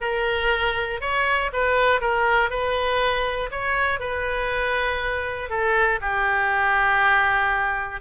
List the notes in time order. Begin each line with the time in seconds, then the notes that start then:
0.00 A#4
1.00 C#5
1.52 B4
2.00 A#4
2.50 B4
3.51 C#5
3.99 B4
5.49 A4
6.01 G4